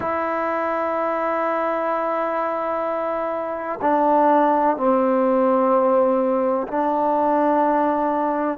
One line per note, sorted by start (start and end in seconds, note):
0.00 3.79 E4
3.81 4.76 D4
4.76 6.67 C4
6.67 8.58 D4